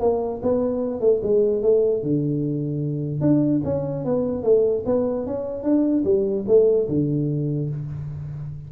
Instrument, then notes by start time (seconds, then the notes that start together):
tuba
0.00 A#3
0.42 B3
1.00 A3
1.23 G#3
1.62 A3
2.03 D3
3.21 D4
3.64 C#4
4.04 B3
4.43 A3
4.86 B3
5.26 C#4
5.63 D4
6.04 G3
6.47 A3
6.88 D3